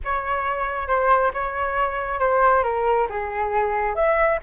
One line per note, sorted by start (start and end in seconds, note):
0.04 0.87 C#5
0.87 1.31 C5
1.33 2.19 C#5
2.19 2.63 C5
2.63 3.07 A#4
3.09 3.95 G#4
3.95 4.39 E5